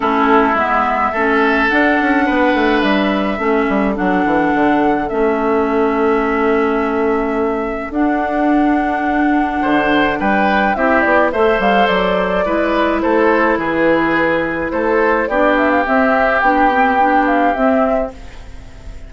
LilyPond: <<
  \new Staff \with { instrumentName = "flute" } { \time 4/4 \tempo 4 = 106 a'4 e''2 fis''4~ | fis''4 e''2 fis''4~ | fis''4 e''2.~ | e''2 fis''2~ |
fis''2 g''4 e''8 d''8 | e''8 f''8 d''2 c''4 | b'2 c''4 d''8 e''16 f''16 | e''4 g''4. f''8 e''4 | }
  \new Staff \with { instrumentName = "oboe" } { \time 4/4 e'2 a'2 | b'2 a'2~ | a'1~ | a'1~ |
a'4 c''4 b'4 g'4 | c''2 b'4 a'4 | gis'2 a'4 g'4~ | g'1 | }
  \new Staff \with { instrumentName = "clarinet" } { \time 4/4 cis'4 b4 cis'4 d'4~ | d'2 cis'4 d'4~ | d'4 cis'2.~ | cis'2 d'2~ |
d'2. e'4 | a'2 e'2~ | e'2. d'4 | c'4 d'8 c'8 d'4 c'4 | }
  \new Staff \with { instrumentName = "bassoon" } { \time 4/4 a4 gis4 a4 d'8 cis'8 | b8 a8 g4 a8 g8 fis8 e8 | d4 a2.~ | a2 d'2~ |
d'4 d4 g4 c'8 b8 | a8 g8 fis4 gis4 a4 | e2 a4 b4 | c'4 b2 c'4 | }
>>